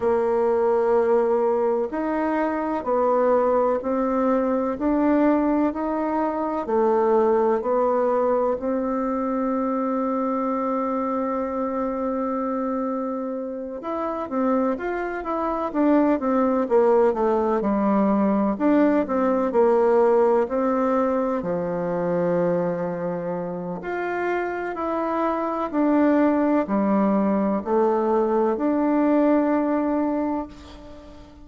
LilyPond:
\new Staff \with { instrumentName = "bassoon" } { \time 4/4 \tempo 4 = 63 ais2 dis'4 b4 | c'4 d'4 dis'4 a4 | b4 c'2.~ | c'2~ c'8 e'8 c'8 f'8 |
e'8 d'8 c'8 ais8 a8 g4 d'8 | c'8 ais4 c'4 f4.~ | f4 f'4 e'4 d'4 | g4 a4 d'2 | }